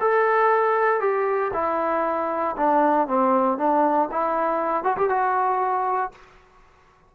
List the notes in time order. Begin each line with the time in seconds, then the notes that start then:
0.00 A4
1.00 G4
1.53 E4
2.56 D4
3.07 C4
3.58 D4
4.11 E4
4.83 F#4
4.97 G4
5.09 F#4